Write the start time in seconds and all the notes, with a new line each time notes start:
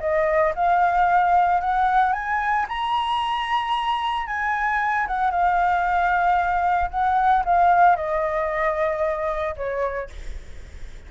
0.00 D#5
0.55 F5
1.61 F#5
2.13 G#5
2.68 A#5
4.27 G#5
5.07 F#5
5.31 F5
6.91 F#5
7.45 F5
7.96 D#5
9.56 C#5